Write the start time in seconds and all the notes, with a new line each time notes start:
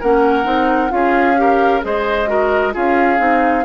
0.00 A#3 C#4 A#4 F#5
0.43 C4 D#4
0.89 C#4 F4 G#4 F5
1.36 G4 A#4
1.81 G#3 G#4 C5 D#5
2.27 F#4 A#4
2.72 C#4 F4 G#4 F5
3.17 C4 D#4